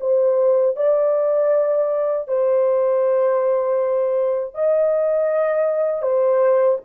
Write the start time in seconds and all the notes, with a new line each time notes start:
0.00 C5
0.76 D5
2.28 C5
4.54 D#5
6.02 C5